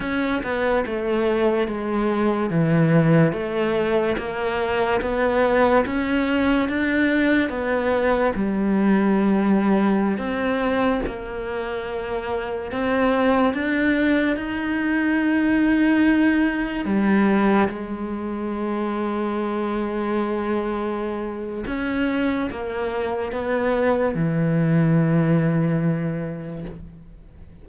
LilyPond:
\new Staff \with { instrumentName = "cello" } { \time 4/4 \tempo 4 = 72 cis'8 b8 a4 gis4 e4 | a4 ais4 b4 cis'4 | d'4 b4 g2~ | g16 c'4 ais2 c'8.~ |
c'16 d'4 dis'2~ dis'8.~ | dis'16 g4 gis2~ gis8.~ | gis2 cis'4 ais4 | b4 e2. | }